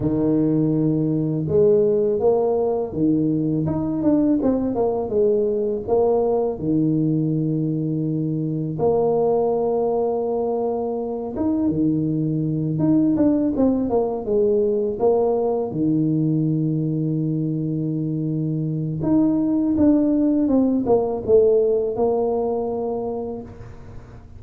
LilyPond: \new Staff \with { instrumentName = "tuba" } { \time 4/4 \tempo 4 = 82 dis2 gis4 ais4 | dis4 dis'8 d'8 c'8 ais8 gis4 | ais4 dis2. | ais2.~ ais8 dis'8 |
dis4. dis'8 d'8 c'8 ais8 gis8~ | gis8 ais4 dis2~ dis8~ | dis2 dis'4 d'4 | c'8 ais8 a4 ais2 | }